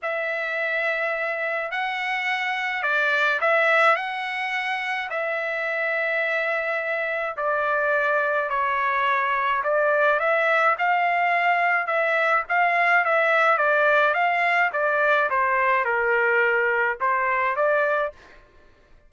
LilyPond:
\new Staff \with { instrumentName = "trumpet" } { \time 4/4 \tempo 4 = 106 e''2. fis''4~ | fis''4 d''4 e''4 fis''4~ | fis''4 e''2.~ | e''4 d''2 cis''4~ |
cis''4 d''4 e''4 f''4~ | f''4 e''4 f''4 e''4 | d''4 f''4 d''4 c''4 | ais'2 c''4 d''4 | }